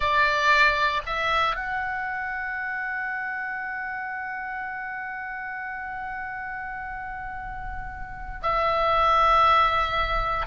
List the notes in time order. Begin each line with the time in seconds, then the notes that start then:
0.00 D5
1.06 E5
1.55 F#5
8.42 E5